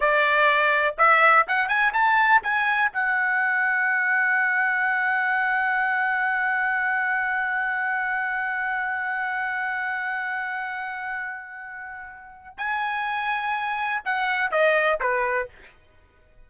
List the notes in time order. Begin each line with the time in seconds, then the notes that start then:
0.00 D5
0.98 E5
1.47 F#5
1.68 G#5
1.93 A5
2.42 G#5
2.92 F#5
12.57 G#5
14.04 F#5
14.51 D#5
15.00 B4